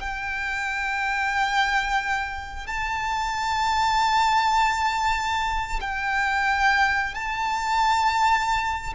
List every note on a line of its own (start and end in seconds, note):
0.00 2.67 G5
2.67 5.80 A5
5.81 7.14 G5
7.14 8.93 A5